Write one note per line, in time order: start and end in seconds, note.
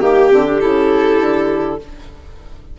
0.00 0.30 D#3
0.00 0.31 A#3
0.00 0.59 G4
0.00 1.79 G4
0.31 0.62 D3
0.31 0.46 C4
0.46 0.60 D4
0.60 1.20 C#3
0.60 1.78 E4
0.60 1.78 A4
1.20 1.79 D3